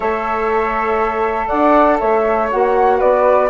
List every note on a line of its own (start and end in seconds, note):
0.00 1.48 A3
0.00 2.48 A4
0.00 1.47 C#5
0.00 1.48 E5
1.47 2.01 D4
1.47 1.97 D5
1.47 1.98 F#5
1.99 2.51 A3
1.99 2.98 C#5
1.99 2.49 E5
2.49 3.01 A#3
2.49 3.49 F#4
2.49 3.00 F#5
2.98 3.49 B3
2.98 3.48 B4
2.98 3.49 D5